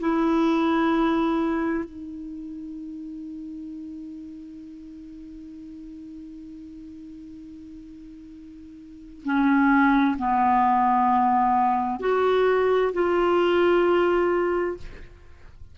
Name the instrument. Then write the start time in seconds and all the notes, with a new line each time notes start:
clarinet
0.00 E4
1.85 D#4
9.24 C#4
10.18 B3
12.00 F#4
12.93 F4